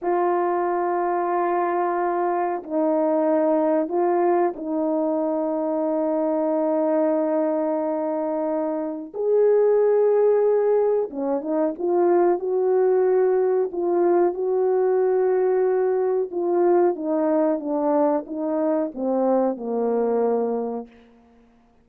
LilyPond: \new Staff \with { instrumentName = "horn" } { \time 4/4 \tempo 4 = 92 f'1 | dis'2 f'4 dis'4~ | dis'1~ | dis'2 gis'2~ |
gis'4 cis'8 dis'8 f'4 fis'4~ | fis'4 f'4 fis'2~ | fis'4 f'4 dis'4 d'4 | dis'4 c'4 ais2 | }